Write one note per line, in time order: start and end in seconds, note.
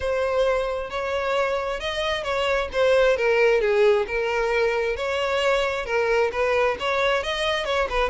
0.00 0.89 C5
0.90 1.80 C#5
1.80 2.23 D#5
2.23 2.68 C#5
2.72 3.16 C5
3.16 3.60 A#4
3.60 4.06 G#4
4.07 4.96 A#4
4.96 5.85 C#5
5.85 6.30 A#4
6.32 6.77 B4
6.79 7.23 C#5
7.23 7.65 D#5
7.65 7.87 C#5
7.89 8.09 B4